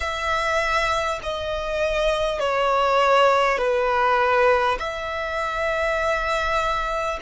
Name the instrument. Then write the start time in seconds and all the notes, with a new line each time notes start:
violin
0.00 E5
1.22 D#5
2.39 C#5
3.58 B4
4.79 E5